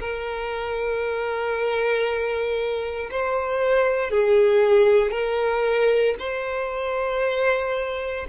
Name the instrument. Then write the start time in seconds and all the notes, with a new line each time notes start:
violin
0.00 A#4
3.11 C5
4.11 G#4
5.12 A#4
6.20 C5